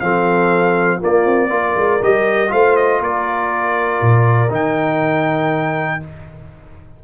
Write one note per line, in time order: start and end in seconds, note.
0.00 1.01 F3
0.00 1.00 C4
0.00 0.98 A4
0.00 1.00 F5
0.98 1.49 A#3
0.98 1.25 A#3
0.98 1.48 F4
0.98 2.03 D5
1.25 1.50 C4
1.49 1.75 A#3
1.49 1.99 F4
1.49 2.52 A#4
1.76 2.01 G#3
2.02 2.52 G3
2.02 2.48 G4
2.02 2.52 D#5
2.48 3.00 A3
2.48 4.48 F4
2.48 3.01 C5
2.48 2.76 F5
2.76 3.01 D#5
3.00 4.00 A#3
3.00 6.01 A#4
3.00 4.53 D5
4.01 4.51 A#2
4.50 6.01 D#3
4.50 6.00 D#4
4.50 6.04 G5